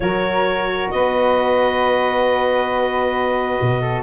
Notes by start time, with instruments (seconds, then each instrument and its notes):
0.00 tuba F#3, saxophone F#4, flute A#4, clarinet C#5
0.90 tuba B3, flute B4, clarinet D#5
3.61 tuba B2
3.81 flute A4